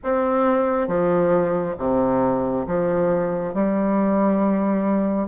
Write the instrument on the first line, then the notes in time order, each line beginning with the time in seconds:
bassoon
0.03 C4
0.87 F3
1.78 C3
2.67 F3
3.54 G3